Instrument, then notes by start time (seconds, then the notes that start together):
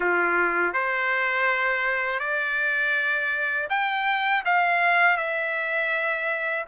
trumpet
0.00 F4
0.73 C5
2.19 D5
3.69 G5
4.45 F5
5.17 E5